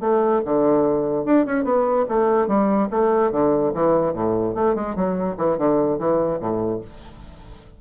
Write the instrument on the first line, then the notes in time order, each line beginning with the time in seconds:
bassoon
0.00 A3
0.45 D3
1.25 D4
1.46 C#4
1.64 B3
2.08 A3
2.47 G3
2.90 A3
3.31 D3
3.74 E3
4.13 A2
4.54 A3
4.75 G#3
4.95 F#3
5.37 E3
5.57 D3
5.98 E3
6.40 A2